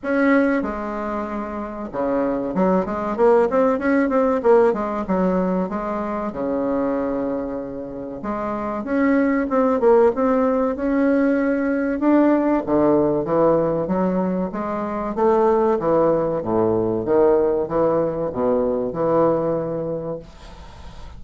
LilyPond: \new Staff \with { instrumentName = "bassoon" } { \time 4/4 \tempo 4 = 95 cis'4 gis2 cis4 | fis8 gis8 ais8 c'8 cis'8 c'8 ais8 gis8 | fis4 gis4 cis2~ | cis4 gis4 cis'4 c'8 ais8 |
c'4 cis'2 d'4 | d4 e4 fis4 gis4 | a4 e4 a,4 dis4 | e4 b,4 e2 | }